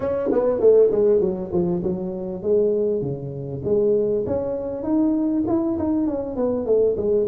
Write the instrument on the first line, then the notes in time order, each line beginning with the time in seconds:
tuba
0.00 C#4
0.31 B3
0.60 A3
0.91 G#3
1.20 F#3
1.52 F3
1.83 F#3
2.42 G#3
3.01 C#3
3.64 G#3
4.26 C#4
4.83 D#4
5.47 E4
5.78 D#4
6.07 C#4
6.36 B3
6.65 A3
6.96 G#3